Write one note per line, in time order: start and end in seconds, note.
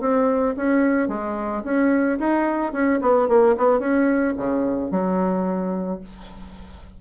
0.00 0.55 C4
0.56 1.08 C#4
1.08 1.63 G#3
1.64 2.18 C#4
2.19 2.72 D#4
2.72 3.00 C#4
3.01 3.28 B3
3.28 3.55 A#3
3.57 3.79 B3
3.79 4.34 C#4
4.37 4.91 C#3
4.91 6.00 F#3